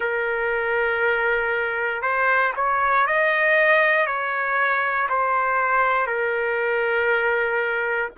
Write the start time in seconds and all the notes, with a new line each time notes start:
0.00 A#4
2.02 C5
2.56 C#5
3.06 D#5
4.06 C#5
5.08 C5
6.06 A#4